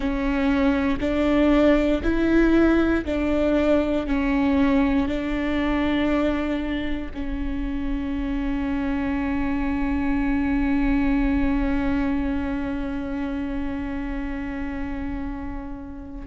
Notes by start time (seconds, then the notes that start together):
0.00 C#4
1.00 D4
2.03 E4
3.05 D4
4.07 C#4
5.08 D4
7.14 C#4